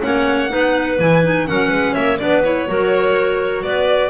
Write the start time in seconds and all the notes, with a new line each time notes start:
0.00 A#3 C#4 C#5 F#5
0.48 B3 D#4 B4
0.99 E3 E4 G#5
1.23 D#4
1.46 F#3 C#4 A#4 F#5
1.68 G#3 B4
1.93 A#3 C#5 E5
2.18 B3 D4 B4 D5
2.43 E4 C#5
2.67 F#3 F#4 A#4
3.63 B3 B4 D5